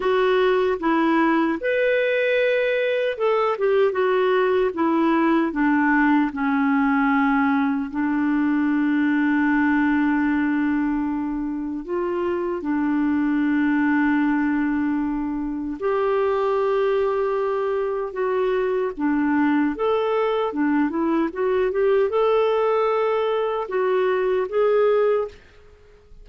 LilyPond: \new Staff \with { instrumentName = "clarinet" } { \time 4/4 \tempo 4 = 76 fis'4 e'4 b'2 | a'8 g'8 fis'4 e'4 d'4 | cis'2 d'2~ | d'2. f'4 |
d'1 | g'2. fis'4 | d'4 a'4 d'8 e'8 fis'8 g'8 | a'2 fis'4 gis'4 | }